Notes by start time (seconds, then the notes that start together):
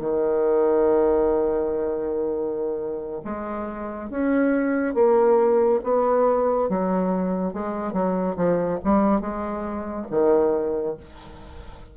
0.00 D#3
3.25 G#3
4.10 C#4
4.94 A#3
5.84 B3
6.69 F#3
7.53 G#3
7.93 F#3
8.36 F3
8.84 G3
9.21 G#3
10.11 D#3